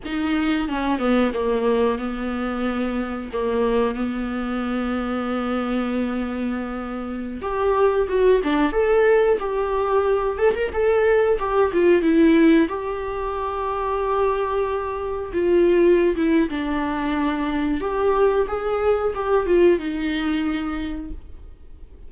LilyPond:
\new Staff \with { instrumentName = "viola" } { \time 4/4 \tempo 4 = 91 dis'4 cis'8 b8 ais4 b4~ | b4 ais4 b2~ | b2.~ b16 g'8.~ | g'16 fis'8 d'8 a'4 g'4. a'16 |
ais'16 a'4 g'8 f'8 e'4 g'8.~ | g'2.~ g'16 f'8.~ | f'8 e'8 d'2 g'4 | gis'4 g'8 f'8 dis'2 | }